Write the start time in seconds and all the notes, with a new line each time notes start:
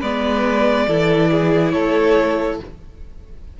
0.00 G#3 B3 B4 D5
0.87 E3 E4 A4
1.31 G#4
1.71 A3 A4 C#5